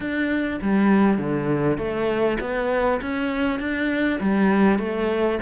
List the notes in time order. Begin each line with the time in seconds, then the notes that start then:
0.00 D4
0.61 G3
1.18 D3
1.78 A3
2.40 B3
3.01 C#4
3.59 D4
4.20 G3
4.78 A3